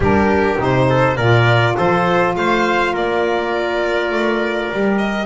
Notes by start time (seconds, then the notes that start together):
0.00 G3 D4 G4 A#4
0.57 C3 D#4 C5
0.89 A4
1.16 A#2 F4 A#4 D5
1.76 F3 A4 C5
2.35 A3 C5 F5
2.93 A#3 A#4 D5
4.10 A3
4.71 G3 G4
4.98 D#5